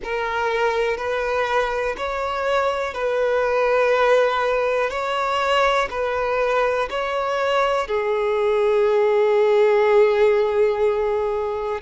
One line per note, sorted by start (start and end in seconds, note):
0.03 0.97 A#4
0.97 1.95 B4
1.97 2.94 C#5
2.94 4.90 B4
4.90 5.88 C#5
5.90 6.89 B4
6.89 7.87 C#5
7.87 11.81 G#4